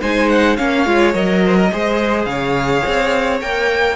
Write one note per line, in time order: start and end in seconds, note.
0.00 0.58 G#3
0.00 0.57 D#4
0.00 0.57 C5
0.00 0.29 G#5
0.29 0.56 F#5
0.56 0.86 A#3
0.56 0.86 C#4
0.56 1.42 C#5
0.56 1.13 F5
0.86 1.14 G#3
0.86 1.13 F4
1.13 1.70 F#3
1.13 1.70 A#4
1.13 2.25 D#5
1.45 1.56 C5
1.56 1.70 A#4
1.72 2.25 G#3
1.72 3.41 G#4
1.72 2.29 C5
2.25 2.82 C#3
2.25 3.96 C#5
2.25 3.38 F5
2.86 3.41 C4
3.41 3.96 A#3
3.41 3.96 A#4
3.41 3.96 G5